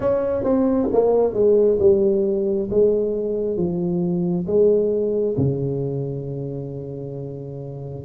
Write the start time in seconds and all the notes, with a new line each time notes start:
0.00 C#4
0.43 C4
0.92 A#3
1.33 G#3
1.79 G3
2.70 G#3
3.57 F3
4.47 G#3
5.37 C#3